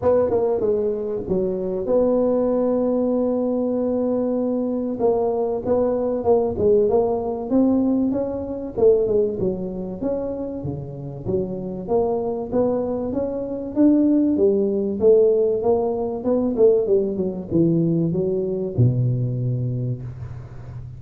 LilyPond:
\new Staff \with { instrumentName = "tuba" } { \time 4/4 \tempo 4 = 96 b8 ais8 gis4 fis4 b4~ | b1 | ais4 b4 ais8 gis8 ais4 | c'4 cis'4 a8 gis8 fis4 |
cis'4 cis4 fis4 ais4 | b4 cis'4 d'4 g4 | a4 ais4 b8 a8 g8 fis8 | e4 fis4 b,2 | }